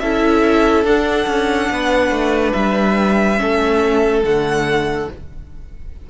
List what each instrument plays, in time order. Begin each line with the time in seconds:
0.00 cello C#4, viola E4, violin A4 E5
0.85 cello D4, viola D4, violin F#5
1.27 cello C#4
1.70 cello B3, violin B4
2.11 cello A3
2.53 cello G3, violin E5
3.37 cello A3, viola C#4, violin A4
4.24 cello D3, viola A3, violin F#5